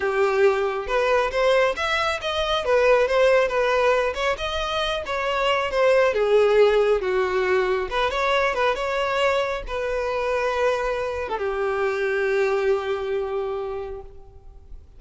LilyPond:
\new Staff \with { instrumentName = "violin" } { \time 4/4 \tempo 4 = 137 g'2 b'4 c''4 | e''4 dis''4 b'4 c''4 | b'4. cis''8 dis''4. cis''8~ | cis''4 c''4 gis'2 |
fis'2 b'8 cis''4 b'8 | cis''2 b'2~ | b'4.~ b'16 a'16 g'2~ | g'1 | }